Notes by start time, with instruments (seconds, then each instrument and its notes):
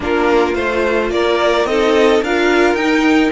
0.00 cello A#3, viola D4, violin F4 A#4
0.54 cello A3, viola F4, violin C5
1.10 cello A#3, violin A#4 D5
1.64 cello C4, viola D#4, violin A4 D#5
2.22 cello D4, viola F4, violin A#4 F5
2.74 cello D#4, viola D#4, violin G5